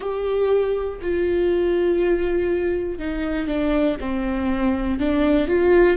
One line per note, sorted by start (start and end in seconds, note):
0.00 1.00 G4
1.01 2.98 F4
2.98 3.47 D#4
3.47 3.97 D4
4.00 4.99 C4
4.99 5.47 D4
5.47 5.97 F4